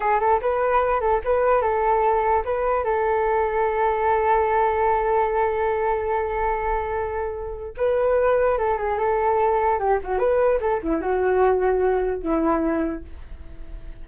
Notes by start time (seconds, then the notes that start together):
0.00 G#4
0.19 A4
0.41 B4
1.00 A4
1.24 B4
1.61 A4
2.45 B4
2.84 A4
7.77 B4
8.58 A4
8.77 G#4
8.98 A4
9.79 G4
10.03 F#4
10.18 B4
10.60 A4
10.83 E4
11.01 F#4
12.22 E4